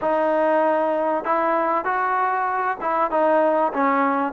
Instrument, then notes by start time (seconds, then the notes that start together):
trombone
0.01 D#4
1.24 E4
1.84 F#4
2.80 E4
3.10 D#4
3.73 C#4